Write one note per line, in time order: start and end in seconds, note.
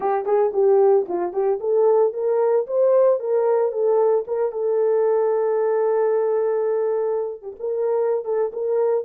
0.00 0.25 G4
0.25 0.52 G#4
0.53 1.06 G4
1.08 1.32 F4
1.32 1.59 G4
1.60 2.13 A4
2.13 2.66 A#4
2.67 3.19 C5
3.19 3.71 A#4
3.71 4.25 A4
4.27 4.52 A#4
4.52 7.42 A4
7.42 7.55 G4
7.59 8.24 A#4
8.24 8.51 A4
8.52 9.04 A#4